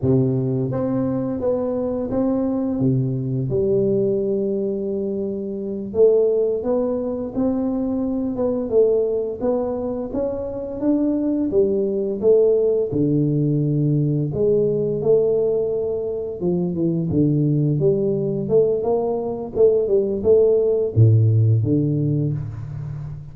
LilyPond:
\new Staff \with { instrumentName = "tuba" } { \time 4/4 \tempo 4 = 86 c4 c'4 b4 c'4 | c4 g2.~ | g8 a4 b4 c'4. | b8 a4 b4 cis'4 d'8~ |
d'8 g4 a4 d4.~ | d8 gis4 a2 f8 | e8 d4 g4 a8 ais4 | a8 g8 a4 a,4 d4 | }